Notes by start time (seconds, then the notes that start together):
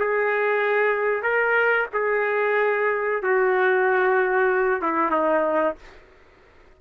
0.00 G#4
1.23 A#4
1.94 G#4
3.23 F#4
4.82 E4
5.11 D#4